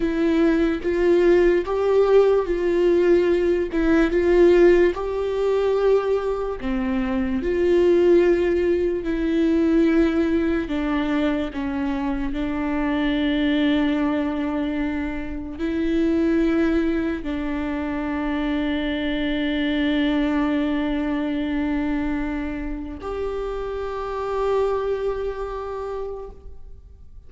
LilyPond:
\new Staff \with { instrumentName = "viola" } { \time 4/4 \tempo 4 = 73 e'4 f'4 g'4 f'4~ | f'8 e'8 f'4 g'2 | c'4 f'2 e'4~ | e'4 d'4 cis'4 d'4~ |
d'2. e'4~ | e'4 d'2.~ | d'1 | g'1 | }